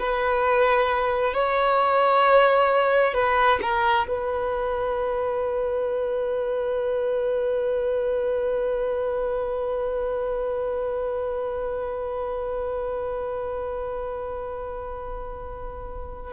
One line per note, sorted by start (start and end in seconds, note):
0.00 1.34 B4
1.34 3.14 C#5
3.14 3.60 B4
3.62 4.08 A#4
4.08 16.33 B4